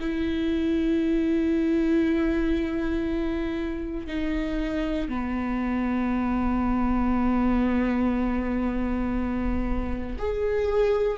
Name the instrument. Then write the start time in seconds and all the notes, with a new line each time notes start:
viola
0.00 E4
4.07 D#4
5.08 B3
10.18 G#4